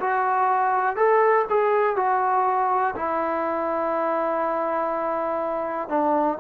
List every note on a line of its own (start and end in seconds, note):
0.00 0.96 F#4
0.96 1.45 A4
1.49 1.96 G#4
1.96 2.95 F#4
2.96 5.88 E4
5.88 6.38 D4